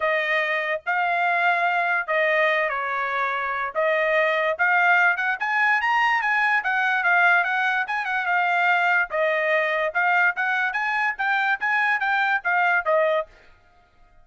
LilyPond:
\new Staff \with { instrumentName = "trumpet" } { \time 4/4 \tempo 4 = 145 dis''2 f''2~ | f''4 dis''4. cis''4.~ | cis''4 dis''2 f''4~ | f''8 fis''8 gis''4 ais''4 gis''4 |
fis''4 f''4 fis''4 gis''8 fis''8 | f''2 dis''2 | f''4 fis''4 gis''4 g''4 | gis''4 g''4 f''4 dis''4 | }